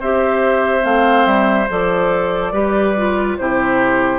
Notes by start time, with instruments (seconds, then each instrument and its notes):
0.00 bassoon C4, clarinet G4, oboe C5, flute E5
0.81 bassoon A3, clarinet C4, flute F5
1.26 bassoon G3, flute E5
1.70 bassoon F3, clarinet A4, flute D5
2.53 bassoon G3, clarinet G4, oboe B4
2.97 clarinet F4
3.38 bassoon C3, clarinet E4, oboe G4, flute C5